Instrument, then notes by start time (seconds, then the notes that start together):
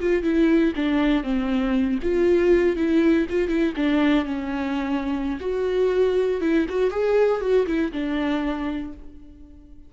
viola
0.00 F4
0.23 E4
0.76 D4
1.24 C4
2.03 F4
2.76 E4
3.30 F4
3.49 E4
3.76 D4
4.25 C#4
5.40 F#4
6.41 E4
6.69 F#4
6.91 G#4
7.41 F#4
7.67 E4
7.92 D4